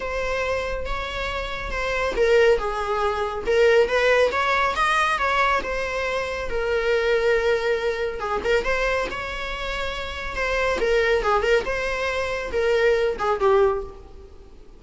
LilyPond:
\new Staff \with { instrumentName = "viola" } { \time 4/4 \tempo 4 = 139 c''2 cis''2 | c''4 ais'4 gis'2 | ais'4 b'4 cis''4 dis''4 | cis''4 c''2 ais'4~ |
ais'2. gis'8 ais'8 | c''4 cis''2. | c''4 ais'4 gis'8 ais'8 c''4~ | c''4 ais'4. gis'8 g'4 | }